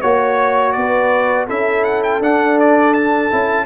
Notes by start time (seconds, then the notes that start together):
0.00 A#3 F#4 C#5
0.72 B3 B4 D5
1.47 C#4 E4 A4 E5
1.84 F#5
2.03 G5
2.20 D4 F#5
2.60 D5
2.93 A5
3.31 C#4 E4